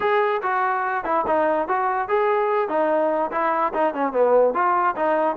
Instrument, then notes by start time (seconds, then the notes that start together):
trombone
0.00 G#4
0.42 F#4
1.04 E4
1.26 D#4
1.68 F#4
2.08 G#4
2.68 D#4
3.31 E4
3.73 D#4
3.94 C#4
4.12 B3
4.53 F4
4.95 D#4